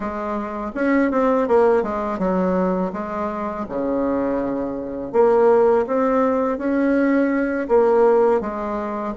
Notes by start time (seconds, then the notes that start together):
0.00 G#3
0.74 C#4
1.11 C4
1.47 A#3
1.82 G#3
2.18 F#3
2.92 G#3
3.69 C#3
5.12 A#3
5.86 C4
6.58 C#4
7.68 A#3
8.40 G#3